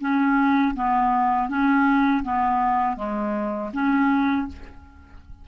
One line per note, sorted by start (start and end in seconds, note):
0.00 0.74 C#4
0.75 1.49 B3
1.49 2.23 C#4
2.24 2.97 B3
2.97 3.71 G#3
3.73 4.47 C#4